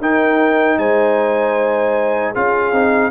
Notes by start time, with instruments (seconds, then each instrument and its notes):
0.00 tuba D#4, trombone D#4, horn A#4, trumpet G5
0.78 tuba G#3, horn C5, trumpet G#5
2.32 tuba C#4, trombone F4, horn G#4, trumpet F5
2.72 tuba C4, trombone D#4